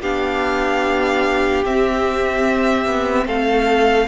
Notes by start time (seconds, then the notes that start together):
0.00 B3 D4 G4 F5
1.65 C4 E5
2.86 B3
3.26 A3 A4 F5